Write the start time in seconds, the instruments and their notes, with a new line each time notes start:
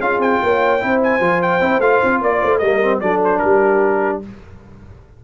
0.00 tuba C#4, trombone F4, horn G#4, trumpet F5
0.19 tuba C4, trumpet G5
0.43 tuba A#3, horn C#5
0.80 tuba C4, trombone E4, horn C5
1.03 trumpet G#5
1.20 tuba F3, trombone F4
1.42 trumpet G5
1.61 tuba C4, trombone E4
1.80 tuba A3, trombone F4, trumpet F5
2.03 tuba C4
2.21 tuba A#3, horn D5, trumpet D5
2.42 tuba A3, horn C5
2.58 tuba G3, trombone A#3, horn A#4, trumpet D#5
2.82 trombone C4
3.00 tuba F#3, trombone D4, horn A4, trumpet D5
3.24 trumpet C5
3.39 tuba G3, horn G4, trumpet A#4